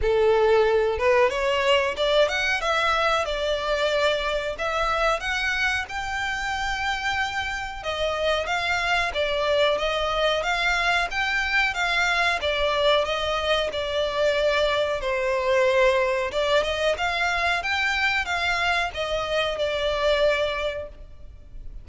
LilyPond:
\new Staff \with { instrumentName = "violin" } { \time 4/4 \tempo 4 = 92 a'4. b'8 cis''4 d''8 fis''8 | e''4 d''2 e''4 | fis''4 g''2. | dis''4 f''4 d''4 dis''4 |
f''4 g''4 f''4 d''4 | dis''4 d''2 c''4~ | c''4 d''8 dis''8 f''4 g''4 | f''4 dis''4 d''2 | }